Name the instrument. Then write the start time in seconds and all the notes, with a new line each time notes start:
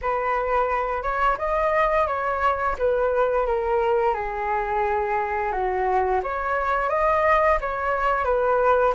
flute
0.01 B4
1.02 C#5
1.38 D#5
2.07 C#5
2.78 B4
3.46 A#4
4.14 G#4
5.51 F#4
6.23 C#5
6.89 D#5
7.60 C#5
8.24 B4